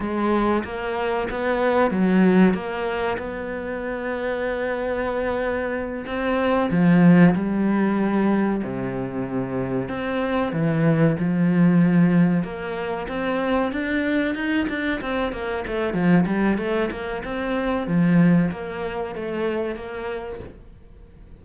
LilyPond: \new Staff \with { instrumentName = "cello" } { \time 4/4 \tempo 4 = 94 gis4 ais4 b4 fis4 | ais4 b2.~ | b4. c'4 f4 g8~ | g4. c2 c'8~ |
c'8 e4 f2 ais8~ | ais8 c'4 d'4 dis'8 d'8 c'8 | ais8 a8 f8 g8 a8 ais8 c'4 | f4 ais4 a4 ais4 | }